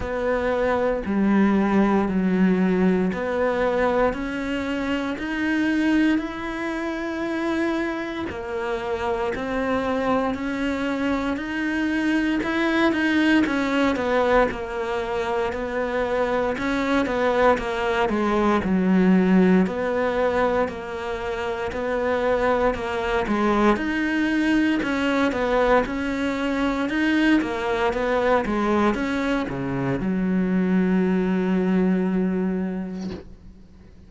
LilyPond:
\new Staff \with { instrumentName = "cello" } { \time 4/4 \tempo 4 = 58 b4 g4 fis4 b4 | cis'4 dis'4 e'2 | ais4 c'4 cis'4 dis'4 | e'8 dis'8 cis'8 b8 ais4 b4 |
cis'8 b8 ais8 gis8 fis4 b4 | ais4 b4 ais8 gis8 dis'4 | cis'8 b8 cis'4 dis'8 ais8 b8 gis8 | cis'8 cis8 fis2. | }